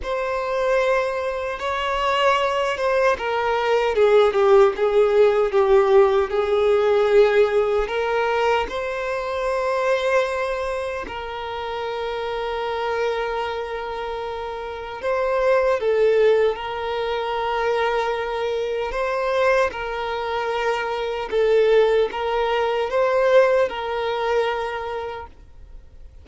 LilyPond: \new Staff \with { instrumentName = "violin" } { \time 4/4 \tempo 4 = 76 c''2 cis''4. c''8 | ais'4 gis'8 g'8 gis'4 g'4 | gis'2 ais'4 c''4~ | c''2 ais'2~ |
ais'2. c''4 | a'4 ais'2. | c''4 ais'2 a'4 | ais'4 c''4 ais'2 | }